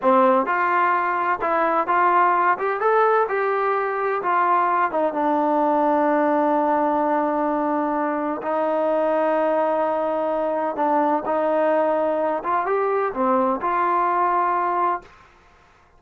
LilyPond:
\new Staff \with { instrumentName = "trombone" } { \time 4/4 \tempo 4 = 128 c'4 f'2 e'4 | f'4. g'8 a'4 g'4~ | g'4 f'4. dis'8 d'4~ | d'1~ |
d'2 dis'2~ | dis'2. d'4 | dis'2~ dis'8 f'8 g'4 | c'4 f'2. | }